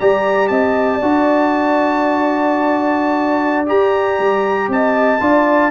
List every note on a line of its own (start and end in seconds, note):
0.00 0.50 G3
0.00 1.02 G4
0.00 0.51 D5
0.00 0.48 A#5
0.48 1.01 C4
0.48 0.97 D#5
0.48 3.66 A5
0.97 3.66 F#4
0.97 4.65 D5
1.03 3.69 D4
3.66 5.19 G4
3.66 4.19 G4
3.66 4.70 A#5
4.19 4.68 G3
4.68 5.19 C4
4.68 5.22 D#5
4.68 5.71 A5
5.20 5.71 D4
5.20 5.71 F4
5.20 5.71 D5